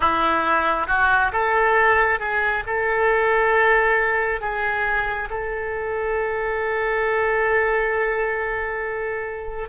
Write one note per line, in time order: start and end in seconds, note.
0.00 0.87 E4
0.87 1.31 F#4
1.32 2.19 A4
2.19 2.63 G#4
2.66 4.40 A4
4.40 5.29 G#4
5.29 9.68 A4